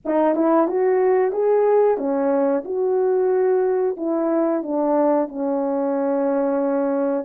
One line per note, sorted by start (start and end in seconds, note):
0.05 0.34 D#4
0.34 0.67 E4
0.67 1.32 F#4
1.32 1.97 G#4
1.97 2.63 C#4
2.65 3.97 F#4
3.97 4.62 E4
4.62 5.28 D4
5.28 7.24 C#4